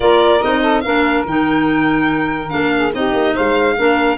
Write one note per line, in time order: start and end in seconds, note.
0.00 0.41 A#3
0.00 0.41 F4
0.00 0.61 A#4
0.00 0.42 D5
0.41 0.84 C4
0.41 0.83 D#4
0.41 0.80 D#5
0.61 0.82 A4
0.80 1.25 A#3
0.80 1.26 D4
0.80 2.73 A#4
0.80 1.22 F5
1.25 2.51 D#3
1.25 2.49 D#4
1.25 2.49 G5
2.49 2.94 A#3
2.49 2.91 D4
2.49 2.91 F5
2.77 2.95 G#4
2.92 3.13 C4
2.92 3.76 D#4
2.92 3.33 G4
2.92 3.36 D#5
3.13 3.34 A#3
3.33 3.78 G#3
3.33 3.75 C5
3.33 4.17 F5
3.76 4.17 A#3
3.76 4.17 D4
3.76 4.17 A#4